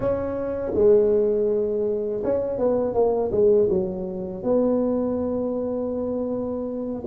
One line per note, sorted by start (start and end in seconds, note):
0.00 0.72 C#4
0.74 2.22 G#3
2.24 2.58 C#4
2.58 2.94 B3
2.94 3.31 A#3
3.31 3.68 G#3
3.69 4.43 F#3
4.43 7.02 B3